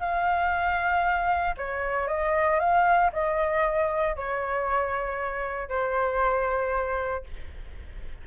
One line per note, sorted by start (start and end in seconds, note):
0.00 1.55 F5
1.57 2.08 C#5
2.08 2.59 D#5
2.60 3.11 F5
3.12 4.16 D#5
4.16 5.69 C#5
5.69 7.24 C5